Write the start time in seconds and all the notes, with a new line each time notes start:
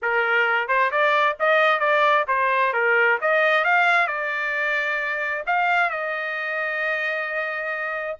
0.02 A#4
0.68 C5
0.91 D5
1.39 D#5
1.79 D5
2.27 C5
2.73 A#4
3.21 D#5
3.64 F5
4.07 D5
5.46 F5
5.90 D#5